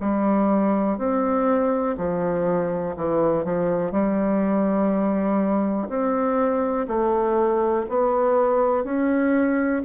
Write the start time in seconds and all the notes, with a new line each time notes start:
0.00 G3
0.97 C4
1.97 F3
2.96 E3
3.44 F3
3.91 G3
5.88 C4
6.87 A3
7.88 B3
8.83 C#4